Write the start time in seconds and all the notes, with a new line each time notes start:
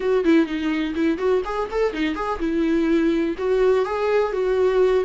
0.00 F#4
0.24 E4
0.46 D#4
0.94 E4
1.18 F#4
1.44 G#4
1.71 A4
1.93 D#4
2.15 G#4
2.39 E4
3.38 F#4
3.85 G#4
4.32 F#4